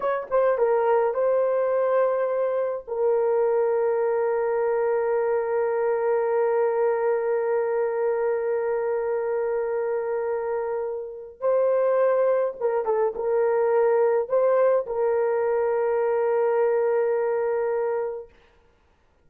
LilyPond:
\new Staff \with { instrumentName = "horn" } { \time 4/4 \tempo 4 = 105 cis''8 c''8 ais'4 c''2~ | c''4 ais'2.~ | ais'1~ | ais'1~ |
ais'1 | c''2 ais'8 a'8 ais'4~ | ais'4 c''4 ais'2~ | ais'1 | }